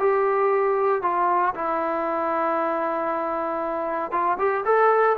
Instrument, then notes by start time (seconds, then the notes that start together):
trombone
0.00 G4
1.03 F4
1.55 E4
4.12 F4
4.39 G4
4.66 A4